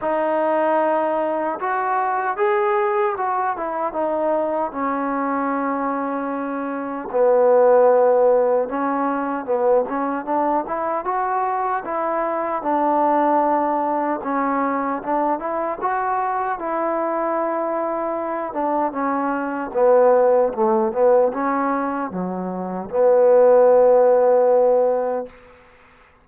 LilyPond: \new Staff \with { instrumentName = "trombone" } { \time 4/4 \tempo 4 = 76 dis'2 fis'4 gis'4 | fis'8 e'8 dis'4 cis'2~ | cis'4 b2 cis'4 | b8 cis'8 d'8 e'8 fis'4 e'4 |
d'2 cis'4 d'8 e'8 | fis'4 e'2~ e'8 d'8 | cis'4 b4 a8 b8 cis'4 | fis4 b2. | }